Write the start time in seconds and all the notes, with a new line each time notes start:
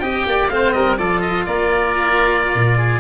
0.00 C4 G4 D#5 G5
0.26 A#3 D5
0.49 A3 C4 C5 F5
0.72 G3 A#4 D#5
0.98 F3 F4 A4 D5
1.21 D#5
1.46 A#3 A#4 D5
2.55 A#2
2.78 G#4